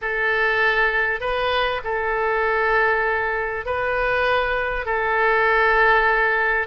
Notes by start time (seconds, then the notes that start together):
0.01 A4
1.20 B4
1.83 A4
3.65 B4
4.85 A4